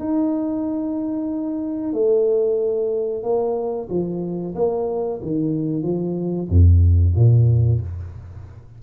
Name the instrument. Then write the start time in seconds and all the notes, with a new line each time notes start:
tuba
0.00 D#4
1.93 A3
3.24 A#3
3.90 F3
4.55 A#3
5.23 D#3
5.83 F3
6.49 F2
7.16 A#2